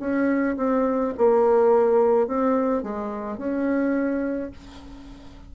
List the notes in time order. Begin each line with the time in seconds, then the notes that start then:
0.00 C#4
0.57 C4
1.18 A#3
2.27 C4
2.84 G#3
3.38 C#4